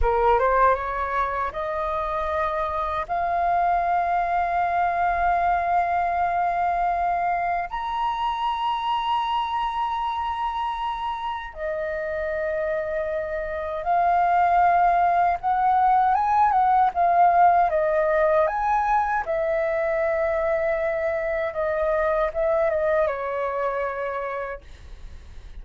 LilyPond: \new Staff \with { instrumentName = "flute" } { \time 4/4 \tempo 4 = 78 ais'8 c''8 cis''4 dis''2 | f''1~ | f''2 ais''2~ | ais''2. dis''4~ |
dis''2 f''2 | fis''4 gis''8 fis''8 f''4 dis''4 | gis''4 e''2. | dis''4 e''8 dis''8 cis''2 | }